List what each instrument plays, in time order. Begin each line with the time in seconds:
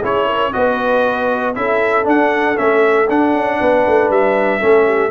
0.00 tuba C#4, trombone E4, horn G#4, trumpet C#5
0.25 horn A#4
0.52 tuba B3, trombone F#4, horn B4, trumpet D#5
1.55 tuba C#4, trombone E4, horn A4, trumpet E5
2.04 trombone D4, tuba D4, trumpet F#5
2.55 tuba A3, trombone C#4, trumpet E5
3.09 tuba D4, trombone D4, trumpet F#5
3.33 tuba C#4
3.58 tuba B3, horn B4
3.86 tuba A3
4.09 tuba G3, trumpet E5
4.59 tuba A3, trombone C#4, horn A4
4.85 horn G4